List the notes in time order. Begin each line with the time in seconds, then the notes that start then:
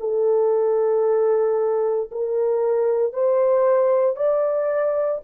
0.00 A4
2.11 A#4
3.13 C5
4.16 D5